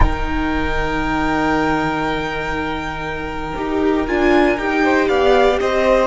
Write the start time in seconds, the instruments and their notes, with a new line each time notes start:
0.00 cello D#3, viola D#4, violin A#4 G5
3.55 cello D#4, viola G4
4.06 cello D4, viola F4, violin G#5
4.58 cello D#4, viola G4, violin G5
4.83 violin C5
5.07 cello B3, violin D5 F5
5.60 cello C4, violin C5 D#5